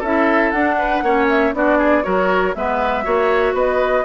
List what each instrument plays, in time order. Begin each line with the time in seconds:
0.00 bassoon C#4, clarinet E4, oboe A4, flute E5
0.51 bassoon D4, flute F#5
0.58 clarinet D4
0.79 oboe B4
1.03 bassoon A#3, clarinet C#4, oboe C#5
1.30 flute E5
1.55 bassoon B3, clarinet D4, oboe F#4, flute D5
1.79 oboe G#4
2.03 bassoon F#3, clarinet F#4, oboe A#4, flute C#5
2.55 bassoon G#3, clarinet B3, oboe B4, flute E5
3.04 bassoon A#3, clarinet F#4, oboe C#5
3.54 bassoon B3, oboe B4, flute D#5